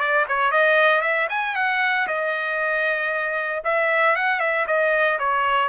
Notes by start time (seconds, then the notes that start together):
0.00 D5
0.29 C#5
0.52 D#5
1.02 E5
1.30 G#5
1.56 F#5
2.08 D#5
3.65 E5
4.16 F#5
4.40 E5
4.67 D#5
5.19 C#5